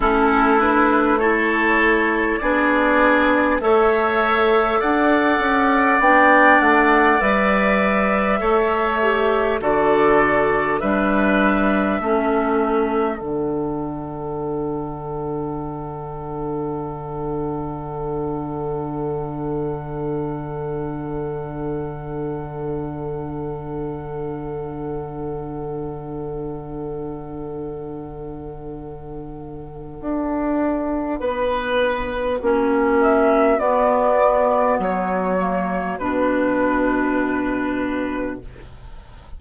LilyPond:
<<
  \new Staff \with { instrumentName = "flute" } { \time 4/4 \tempo 4 = 50 a'8 b'8 cis''4 d''4 e''4 | fis''4 g''8 fis''8 e''2 | d''4 e''2 fis''4~ | fis''1~ |
fis''1~ | fis''1~ | fis''2.~ fis''8 e''8 | d''4 cis''4 b'2 | }
  \new Staff \with { instrumentName = "oboe" } { \time 4/4 e'4 a'4 gis'4 cis''4 | d''2. cis''4 | a'4 b'4 a'2~ | a'1~ |
a'1~ | a'1~ | a'2 b'4 fis'4~ | fis'1 | }
  \new Staff \with { instrumentName = "clarinet" } { \time 4/4 cis'8 d'8 e'4 d'4 a'4~ | a'4 d'4 b'4 a'8 g'8 | fis'4 d'4 cis'4 d'4~ | d'1~ |
d'1~ | d'1~ | d'2. cis'4 | b4. ais8 d'2 | }
  \new Staff \with { instrumentName = "bassoon" } { \time 4/4 a2 b4 a4 | d'8 cis'8 b8 a8 g4 a4 | d4 g4 a4 d4~ | d1~ |
d1~ | d1~ | d4 d'4 b4 ais4 | b4 fis4 b,2 | }
>>